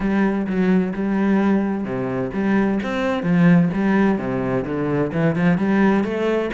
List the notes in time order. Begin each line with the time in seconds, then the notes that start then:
0.00 G3
0.46 F#3
0.93 G3
1.84 C3
2.33 G3
2.83 C4
3.22 F3
3.73 G3
4.18 C3
4.65 D3
5.13 E3
5.35 F3
5.57 G3
6.04 A3